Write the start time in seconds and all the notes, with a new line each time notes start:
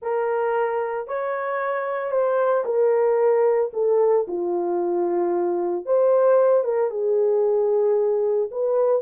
0.02 A#4
1.07 C#5
2.11 C5
2.65 A#4
3.73 A4
4.27 F4
5.85 C5
6.64 A#4
6.90 G#4
8.51 B4